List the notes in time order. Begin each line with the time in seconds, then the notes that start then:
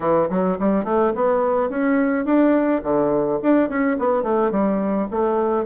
0.00 E3
0.29 F#3
0.59 G3
0.84 A3
1.15 B3
1.69 C#4
2.25 D4
2.83 D3
3.42 D4
3.69 C#4
3.98 B3
4.22 A3
4.51 G3
5.10 A3